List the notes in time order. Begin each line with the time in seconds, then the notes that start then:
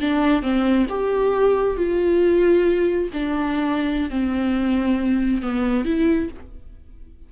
0.00 D4
0.42 C4
0.89 G4
1.77 F4
3.13 D4
4.09 C4
5.42 B3
5.85 E4